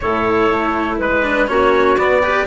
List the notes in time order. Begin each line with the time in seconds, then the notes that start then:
0.00 A2 E4 A4 C#5
0.51 A3
0.98 G#3 B4
1.22 D4
1.47 A#3 C#4 F#4 C#5
1.97 B3 D5
2.21 G4 B4